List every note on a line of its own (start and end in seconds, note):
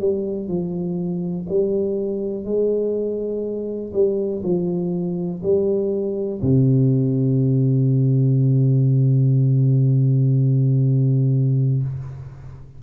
0.00 0.48 G3
0.48 1.47 F3
1.49 2.45 G3
2.45 3.92 G#3
3.93 4.43 G3
4.44 5.42 F3
5.43 6.41 G3
6.42 11.83 C3